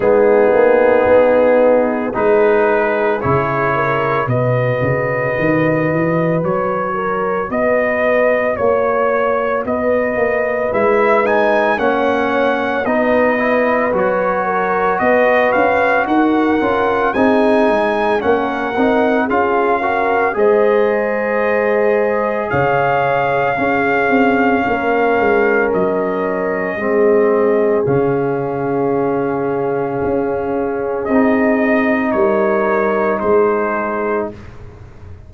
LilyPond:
<<
  \new Staff \with { instrumentName = "trumpet" } { \time 4/4 \tempo 4 = 56 gis'2 b'4 cis''4 | dis''2 cis''4 dis''4 | cis''4 dis''4 e''8 gis''8 fis''4 | dis''4 cis''4 dis''8 f''8 fis''4 |
gis''4 fis''4 f''4 dis''4~ | dis''4 f''2. | dis''2 f''2~ | f''4 dis''4 cis''4 c''4 | }
  \new Staff \with { instrumentName = "horn" } { \time 4/4 dis'2 gis'4. ais'8 | b'2~ b'8 ais'8 b'4 | cis''4 b'2 cis''4 | b'4. ais'8 b'4 ais'4 |
gis'4 ais'4 gis'8 ais'8 c''4~ | c''4 cis''4 gis'4 ais'4~ | ais'4 gis'2.~ | gis'2 ais'4 gis'4 | }
  \new Staff \with { instrumentName = "trombone" } { \time 4/4 b2 dis'4 e'4 | fis'1~ | fis'2 e'8 dis'8 cis'4 | dis'8 e'8 fis'2~ fis'8 f'8 |
dis'4 cis'8 dis'8 f'8 fis'8 gis'4~ | gis'2 cis'2~ | cis'4 c'4 cis'2~ | cis'4 dis'2. | }
  \new Staff \with { instrumentName = "tuba" } { \time 4/4 gis8 ais8 b4 gis4 cis4 | b,8 cis8 dis8 e8 fis4 b4 | ais4 b8 ais8 gis4 ais4 | b4 fis4 b8 cis'8 dis'8 cis'8 |
c'8 gis8 ais8 c'8 cis'4 gis4~ | gis4 cis4 cis'8 c'8 ais8 gis8 | fis4 gis4 cis2 | cis'4 c'4 g4 gis4 | }
>>